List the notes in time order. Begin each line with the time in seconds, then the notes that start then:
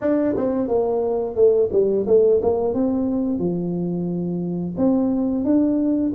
0.01 D4
0.36 C4
0.68 A#3
1.35 A3
1.72 G3
2.06 A3
2.42 A#3
2.73 C4
3.38 F3
4.77 C4
5.44 D4